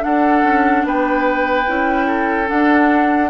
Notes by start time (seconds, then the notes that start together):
0.00 D4 A4 F#5
0.44 C#4
0.85 B3 B4 G5
1.68 C#4 E4
2.07 A4
2.46 D4 F#5